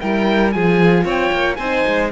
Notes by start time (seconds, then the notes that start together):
0.00 G3 E4 A#4 G5
0.52 F3 F4 G#4 G#5
1.04 C4 C#5 G5
1.33 A#3
1.56 C4 D#4 C5 G#5
1.88 G#3